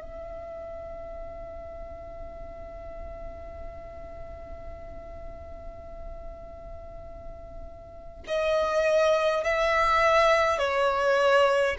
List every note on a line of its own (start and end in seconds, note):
0.00 8.24 E5
8.27 9.44 D#5
9.44 10.58 E5
10.58 11.75 C#5